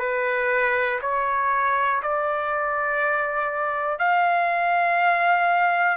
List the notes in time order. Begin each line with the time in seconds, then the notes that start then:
0.00 B4
1.02 C#5
2.03 D5
3.99 F5